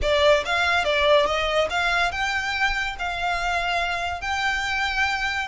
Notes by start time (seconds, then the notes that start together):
0.01 D5
0.45 F5
0.84 D5
1.25 D#5
1.70 F5
2.11 G5
2.98 F5
4.21 G5